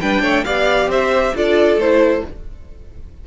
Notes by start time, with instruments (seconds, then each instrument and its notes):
0.00 cello G3, viola D4, violin B4 G5
0.21 cello A3, violin C#5
0.44 cello B3, viola G4, violin D5 F5
0.87 cello C4, violin C5 E5
1.35 cello D4, viola F4, violin A4 D5
1.76 cello A3, viola E4, violin C5